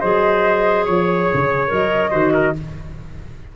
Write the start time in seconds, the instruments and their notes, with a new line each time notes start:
0.00 tuba F#3, clarinet G#4, trumpet C5, flute D#5
0.86 tuba F3, trumpet C#5, flute C#5
1.34 tuba C#3
1.67 tuba F#3, clarinet A#4, flute D#5
2.11 tuba D#3, clarinet F#4, trumpet C5
2.34 trumpet A#4